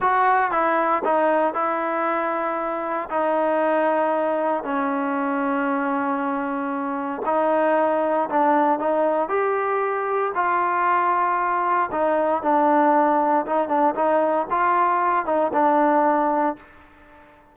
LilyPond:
\new Staff \with { instrumentName = "trombone" } { \time 4/4 \tempo 4 = 116 fis'4 e'4 dis'4 e'4~ | e'2 dis'2~ | dis'4 cis'2.~ | cis'2 dis'2 |
d'4 dis'4 g'2 | f'2. dis'4 | d'2 dis'8 d'8 dis'4 | f'4. dis'8 d'2 | }